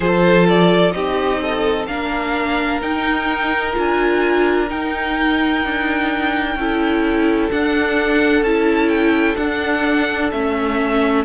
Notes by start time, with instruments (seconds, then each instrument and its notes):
0.00 cello F3, viola F4, violin A4 C5
0.48 violin D5
0.91 cello C4, viola D#4, violin G4 D#5
1.41 violin A4
1.86 cello A#3, viola D4, violin A#4 F5
2.81 cello D#4, viola D#4, violin G5
3.73 cello D4, viola F4, violin G#5
4.69 viola D#4, cello D#4, violin G5
5.64 cello D4
6.55 cello C#4, viola E4, violin A4
7.50 viola D4, cello D4, violin F#5
8.41 cello C#4, viola E4, violin A5
8.88 violin G5
9.36 viola D4, cello D4, violin F#5
10.31 cello A3, viola C#4, violin E5